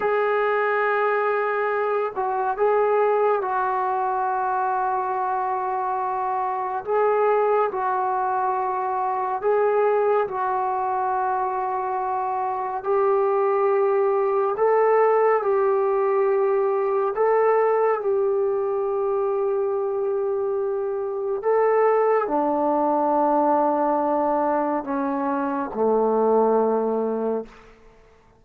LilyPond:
\new Staff \with { instrumentName = "trombone" } { \time 4/4 \tempo 4 = 70 gis'2~ gis'8 fis'8 gis'4 | fis'1 | gis'4 fis'2 gis'4 | fis'2. g'4~ |
g'4 a'4 g'2 | a'4 g'2.~ | g'4 a'4 d'2~ | d'4 cis'4 a2 | }